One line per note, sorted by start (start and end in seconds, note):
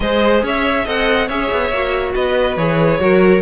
0.00 0.42 G#3
0.00 0.86 G#4
0.00 0.43 C5
0.00 0.42 D#5
0.42 0.85 C#4
0.42 0.84 C#5
0.42 0.87 E5
0.84 1.29 C4
0.84 1.28 A4
0.84 1.26 D#5
0.84 1.28 F#5
1.26 1.50 C#4
1.26 1.72 G#4
1.26 2.12 C#5
1.26 2.14 E5
1.51 1.71 B3
1.71 2.14 A#3
1.71 2.57 F#4
2.14 2.56 B3
2.14 3.00 B4
2.14 2.56 D#5
2.56 2.99 E3
2.56 3.00 G#4
2.56 3.41 C#5
2.99 3.41 F#3
2.99 3.41 F#4
2.99 3.41 A#4